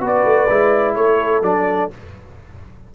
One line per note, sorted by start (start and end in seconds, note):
0.00 0.24 B3
0.00 0.48 F#4
0.00 0.98 B4
0.06 0.95 D5
0.24 0.48 A3
0.49 0.96 G#3
0.49 1.43 E4
0.95 1.42 A3
0.95 1.94 A4
0.95 1.42 C#5
1.42 1.89 F#3
1.42 1.90 D4
1.42 1.90 D5